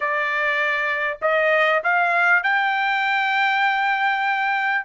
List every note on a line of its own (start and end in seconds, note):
0.00 1.18 D5
1.21 1.82 D#5
1.83 2.43 F5
2.43 4.85 G5